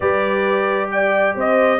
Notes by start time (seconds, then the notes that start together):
0.00 G3 G4 B4 D5
0.91 D5 G5
1.35 C4 C5 D#5